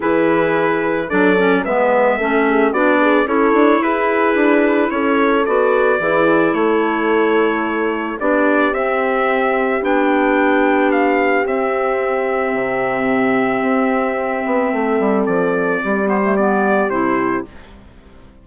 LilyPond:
<<
  \new Staff \with { instrumentName = "trumpet" } { \time 4/4 \tempo 4 = 110 b'2 d''4 e''4~ | e''4 d''4 cis''4 b'4~ | b'4 cis''4 d''2 | cis''2. d''4 |
e''2 g''2 | f''4 e''2.~ | e''1 | d''4. c''8 d''4 c''4 | }
  \new Staff \with { instrumentName = "horn" } { \time 4/4 gis'2 a'4 b'4 | a'8 gis'8 fis'8 gis'8 a'4 gis'4~ | gis'4 a'2 gis'4 | a'2. g'4~ |
g'1~ | g'1~ | g'2. a'4~ | a'4 g'2. | }
  \new Staff \with { instrumentName = "clarinet" } { \time 4/4 e'2 d'8 cis'8 b4 | cis'4 d'4 e'2~ | e'2 fis'4 e'4~ | e'2. d'4 |
c'2 d'2~ | d'4 c'2.~ | c'1~ | c'4. b16 a16 b4 e'4 | }
  \new Staff \with { instrumentName = "bassoon" } { \time 4/4 e2 fis4 gis4 | a4 b4 cis'8 d'8 e'4 | d'4 cis'4 b4 e4 | a2. b4 |
c'2 b2~ | b4 c'2 c4~ | c4 c'4. b8 a8 g8 | f4 g2 c4 | }
>>